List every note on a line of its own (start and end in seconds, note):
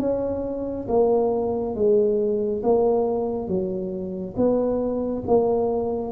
0.00 0.87 C#4
0.89 1.75 A#3
1.75 2.62 G#3
2.63 3.48 A#3
3.48 4.35 F#3
4.37 5.24 B3
5.28 6.13 A#3